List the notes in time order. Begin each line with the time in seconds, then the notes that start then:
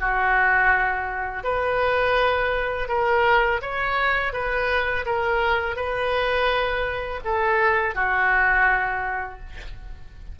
0.00 F#4
1.44 B4
2.89 A#4
3.62 C#5
4.33 B4
5.06 A#4
5.76 B4
7.25 A4
7.95 F#4